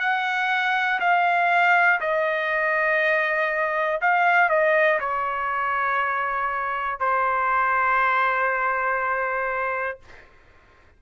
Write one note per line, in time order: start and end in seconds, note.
0.00 1.00 F#5
1.00 2.00 F5
2.00 4.00 D#5
4.01 4.49 F5
4.49 4.99 D#5
5.00 7.00 C#5
7.00 10.00 C5